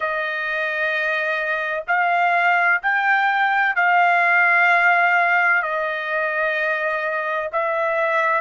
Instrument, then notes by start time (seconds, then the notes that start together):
trumpet
0.00 D#5
1.87 F5
2.82 G5
3.75 F5
5.62 D#5
7.52 E5